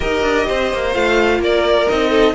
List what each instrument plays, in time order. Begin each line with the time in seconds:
0.00 cello D#4, viola G4, violin A#4 D#5
0.22 cello D4
0.46 cello C4, violin C5
0.73 cello A#3
0.93 cello A3, viola F4, violin F5
1.39 cello A#3, violin A#4 D5
1.88 cello C4, viola D#4, violin D#5
2.09 violin A4